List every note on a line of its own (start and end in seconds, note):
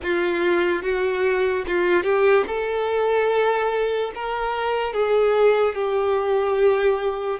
0.02 0.82 F4
0.82 1.64 F#4
1.67 2.03 F4
2.03 2.44 G4
2.47 4.11 A4
4.14 4.93 A#4
4.93 5.75 G#4
5.75 7.39 G4